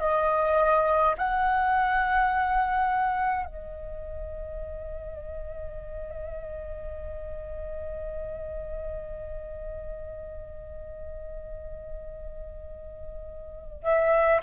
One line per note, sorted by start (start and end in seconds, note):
0.00 1.15 D#5
1.19 3.46 F#5
3.46 13.83 D#5
13.83 14.41 E5